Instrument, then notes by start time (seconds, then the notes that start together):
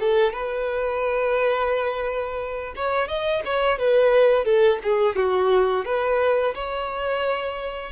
violin
0.00 A4
0.33 B4
2.76 C#5
3.08 D#5
3.45 C#5
3.79 B4
4.45 A4
4.83 G#4
5.16 F#4
5.86 B4
6.55 C#5